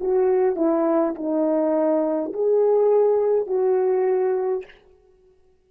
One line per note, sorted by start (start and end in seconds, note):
0.00 0.56 F#4
0.56 1.14 E4
1.15 2.33 D#4
2.33 3.47 G#4
3.47 4.64 F#4